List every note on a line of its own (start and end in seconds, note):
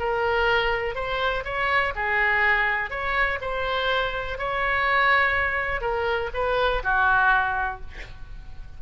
0.00 0.95 A#4
0.95 1.44 C5
1.45 1.94 C#5
1.96 2.91 G#4
2.91 3.39 C#5
3.41 4.39 C5
4.39 5.81 C#5
5.81 6.30 A#4
6.34 6.83 B4
6.84 7.81 F#4